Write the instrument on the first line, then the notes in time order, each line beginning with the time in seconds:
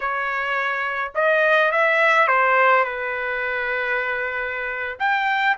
trumpet
0.00 C#5
1.14 D#5
1.71 E5
2.27 C5
2.84 B4
4.99 G5